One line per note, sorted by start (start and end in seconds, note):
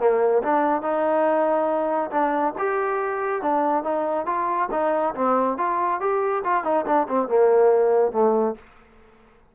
0.00 0.43 A#3
0.43 0.82 D4
0.82 2.11 D#4
2.11 2.54 D4
2.59 3.42 G4
3.42 3.84 D4
3.84 4.26 D#4
4.26 4.69 F4
4.72 5.14 D#4
5.15 5.58 C4
5.58 6.01 F4
6.01 6.43 G4
6.44 6.64 F4
6.64 6.86 D#4
6.86 7.08 D4
7.09 7.29 C4
7.29 8.13 A#3
8.13 8.55 A3